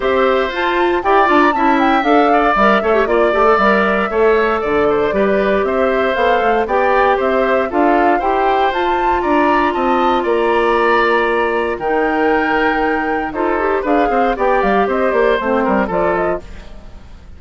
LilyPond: <<
  \new Staff \with { instrumentName = "flute" } { \time 4/4 \tempo 4 = 117 e''4 a''4 g''8 a''16 ais''16 a''8 g''8 | f''4 e''4 d''4 e''4~ | e''4 d''2 e''4 | f''4 g''4 e''4 f''4 |
g''4 a''4 ais''4 a''4 | ais''2. g''4~ | g''2 c''4 f''4 | g''8 f''8 dis''8 d''8 c''4 d''8 dis''8 | }
  \new Staff \with { instrumentName = "oboe" } { \time 4/4 c''2 d''4 e''4~ | e''8 d''4 cis''8 d''2 | cis''4 d''8 c''8 b'4 c''4~ | c''4 d''4 c''4 a'4 |
c''2 d''4 dis''4 | d''2. ais'4~ | ais'2 a'4 b'8 c''8 | d''4 c''4. ais'8 a'4 | }
  \new Staff \with { instrumentName = "clarinet" } { \time 4/4 g'4 f'4 g'8 f'8 e'4 | a'4 ais'8 a'16 g'16 f'8 g'16 a'16 ais'4 | a'2 g'2 | a'4 g'2 f'4 |
g'4 f'2.~ | f'2. dis'4~ | dis'2 f'8 g'8 gis'4 | g'2 c'4 f'4 | }
  \new Staff \with { instrumentName = "bassoon" } { \time 4/4 c'4 f'4 e'8 d'8 cis'4 | d'4 g8 a8 ais8 a8 g4 | a4 d4 g4 c'4 | b8 a8 b4 c'4 d'4 |
e'4 f'4 d'4 c'4 | ais2. dis4~ | dis2 dis'4 d'8 c'8 | b8 g8 c'8 ais8 a8 g8 f4 | }
>>